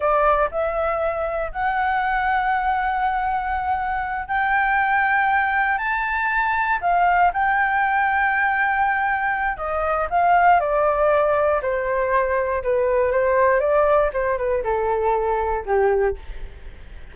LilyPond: \new Staff \with { instrumentName = "flute" } { \time 4/4 \tempo 4 = 119 d''4 e''2 fis''4~ | fis''1~ | fis''8 g''2. a''8~ | a''4. f''4 g''4.~ |
g''2. dis''4 | f''4 d''2 c''4~ | c''4 b'4 c''4 d''4 | c''8 b'8 a'2 g'4 | }